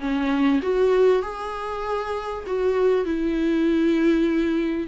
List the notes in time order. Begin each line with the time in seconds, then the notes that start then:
0.00 C#4
0.62 F#4
1.22 G#4
2.47 F#4
3.05 E4